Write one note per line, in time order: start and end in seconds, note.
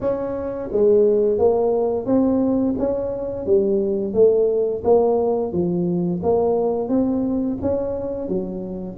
0.00 0.69 C#4
0.71 1.38 G#3
1.38 2.06 A#3
2.06 2.75 C4
2.78 3.45 C#4
3.45 4.13 G3
4.13 4.82 A3
4.83 5.52 A#3
5.52 6.21 F3
6.22 6.88 A#3
6.88 7.57 C4
7.61 8.28 C#4
8.28 8.97 F#3